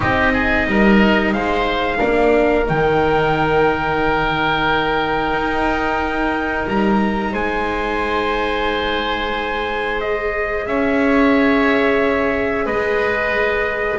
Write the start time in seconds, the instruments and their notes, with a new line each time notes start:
0.00 double bass C4, viola D#4, oboe G4, trumpet D#5
0.32 oboe G#4
0.66 double bass G3, oboe A#4
1.32 double bass G#3, oboe C5, trumpet F5
1.97 double bass A#3, viola D4, oboe A#4
2.65 double bass D#3, viola D#4, trumpet G5
5.32 double bass D#4
6.67 double bass G3, trumpet A#5
7.32 double bass G#3, oboe C5, trumpet G#5
10.00 viola G#4, trumpet D#5
10.66 double bass C#4, oboe C#5, trumpet E5
12.65 double bass G#3, oboe B4, trumpet D#5